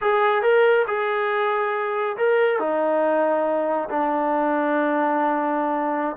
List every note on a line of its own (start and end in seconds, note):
0.01 0.42 G#4
0.42 0.85 A#4
0.87 2.16 G#4
2.17 2.59 A#4
2.59 3.88 D#4
3.89 6.16 D4